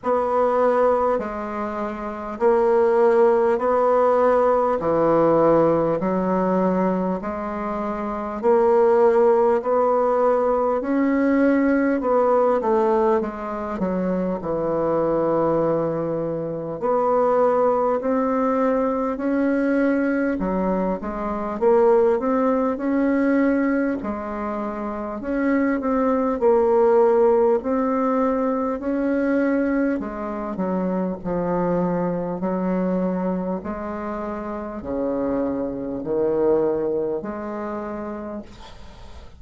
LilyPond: \new Staff \with { instrumentName = "bassoon" } { \time 4/4 \tempo 4 = 50 b4 gis4 ais4 b4 | e4 fis4 gis4 ais4 | b4 cis'4 b8 a8 gis8 fis8 | e2 b4 c'4 |
cis'4 fis8 gis8 ais8 c'8 cis'4 | gis4 cis'8 c'8 ais4 c'4 | cis'4 gis8 fis8 f4 fis4 | gis4 cis4 dis4 gis4 | }